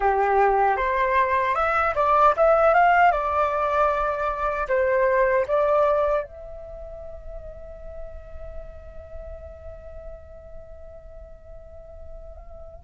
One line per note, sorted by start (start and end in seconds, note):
0.00 0.77 G4
0.77 1.54 C5
1.54 1.93 E5
1.95 2.34 D5
2.36 2.74 E5
2.74 3.11 F5
3.11 4.67 D5
4.68 5.46 C5
5.47 6.23 D5
6.23 12.84 E5